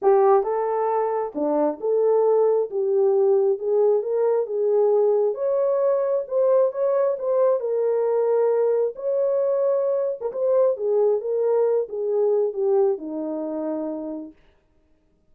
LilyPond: \new Staff \with { instrumentName = "horn" } { \time 4/4 \tempo 4 = 134 g'4 a'2 d'4 | a'2 g'2 | gis'4 ais'4 gis'2 | cis''2 c''4 cis''4 |
c''4 ais'2. | cis''2~ cis''8. ais'16 c''4 | gis'4 ais'4. gis'4. | g'4 dis'2. | }